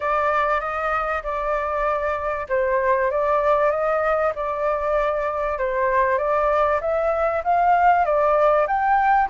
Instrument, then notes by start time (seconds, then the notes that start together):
flute
0.00 D5
0.60 D#5
1.23 D5
2.49 C5
3.10 D5
3.70 D#5
4.35 D5
5.58 C5
6.18 D5
6.80 E5
7.44 F5
8.05 D5
8.67 G5